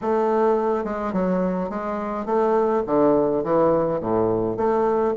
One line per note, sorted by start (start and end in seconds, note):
0.01 0.84 A3
0.84 1.12 G#3
1.12 1.69 F#3
1.69 2.25 G#3
2.25 2.83 A3
2.86 3.43 D3
3.43 4.00 E3
4.00 4.57 A2
4.57 5.14 A3